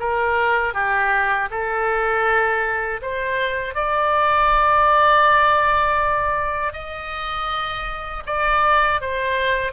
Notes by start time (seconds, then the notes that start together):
0.00 A#4
0.74 G4
1.51 A4
3.02 C5
3.75 D5
6.73 D#5
8.27 D5
9.01 C5